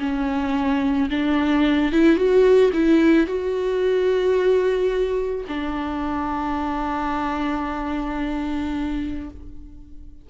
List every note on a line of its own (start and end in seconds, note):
0.00 1.09 C#4
1.10 1.92 D4
1.92 2.16 E4
2.16 2.71 F#4
2.73 3.27 E4
3.27 5.45 F#4
5.48 9.30 D4